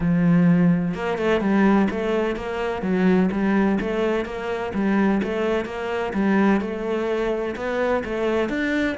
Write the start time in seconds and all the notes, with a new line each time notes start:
0.00 F3
0.94 A#3
1.18 A3
1.40 G3
1.90 A3
2.36 A#3
2.82 F#3
3.31 G3
3.80 A3
4.25 A#3
4.74 G3
5.23 A3
5.65 A#3
6.13 G3
6.60 A3
7.55 B3
8.04 A3
8.49 D4